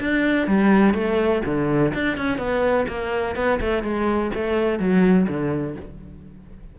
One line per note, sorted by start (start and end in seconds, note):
0.00 0.47 D4
0.47 0.94 G3
0.94 1.42 A3
1.45 1.93 D3
1.94 2.17 D4
2.17 2.38 C#4
2.38 2.86 B3
2.88 3.36 A#3
3.36 3.60 B3
3.60 3.83 A3
3.83 4.31 G#3
4.34 4.79 A3
4.79 5.27 F#3
5.28 5.76 D3